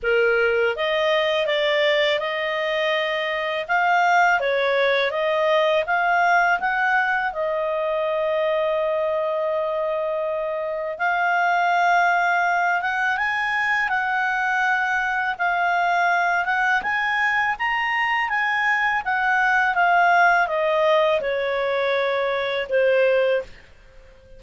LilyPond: \new Staff \with { instrumentName = "clarinet" } { \time 4/4 \tempo 4 = 82 ais'4 dis''4 d''4 dis''4~ | dis''4 f''4 cis''4 dis''4 | f''4 fis''4 dis''2~ | dis''2. f''4~ |
f''4. fis''8 gis''4 fis''4~ | fis''4 f''4. fis''8 gis''4 | ais''4 gis''4 fis''4 f''4 | dis''4 cis''2 c''4 | }